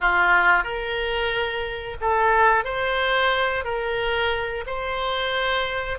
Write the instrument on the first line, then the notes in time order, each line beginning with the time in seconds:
oboe
0.01 F4
0.63 A#4
2.00 A4
2.64 C5
3.64 A#4
4.66 C5